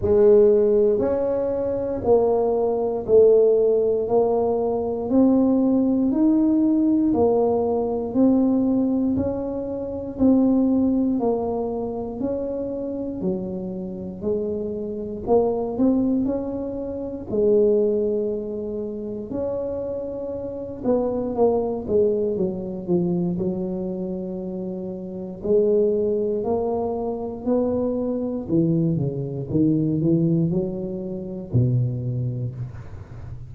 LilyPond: \new Staff \with { instrumentName = "tuba" } { \time 4/4 \tempo 4 = 59 gis4 cis'4 ais4 a4 | ais4 c'4 dis'4 ais4 | c'4 cis'4 c'4 ais4 | cis'4 fis4 gis4 ais8 c'8 |
cis'4 gis2 cis'4~ | cis'8 b8 ais8 gis8 fis8 f8 fis4~ | fis4 gis4 ais4 b4 | e8 cis8 dis8 e8 fis4 b,4 | }